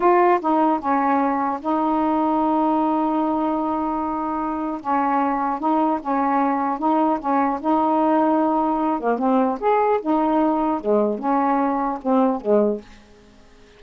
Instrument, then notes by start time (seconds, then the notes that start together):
saxophone
0.00 F4
0.40 D#4
0.79 C#4
1.60 D#4
4.81 C#4
5.59 D#4
6.01 C#4
6.78 D#4
7.19 C#4
7.61 D#4
9.00 A#3
9.18 C4
9.60 G#4
10.01 D#4
10.80 G#3
11.19 C#4
12.02 C4
12.41 G#3